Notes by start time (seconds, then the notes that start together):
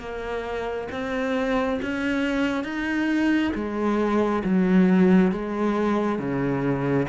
0.00 A#3
0.92 C4
1.82 C#4
2.64 D#4
3.55 G#3
4.44 F#3
5.31 G#3
6.19 C#3